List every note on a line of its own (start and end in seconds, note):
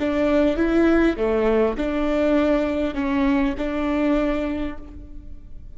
0.00 0.57 D4
0.57 1.17 E4
1.17 1.77 A3
1.77 2.95 D4
2.95 3.55 C#4
3.58 4.78 D4